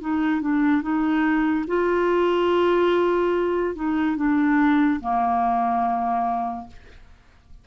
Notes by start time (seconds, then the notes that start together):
0.00 D#4
0.41 D4
0.81 D#4
1.67 F4
3.75 D#4
4.16 D4
5.00 A#3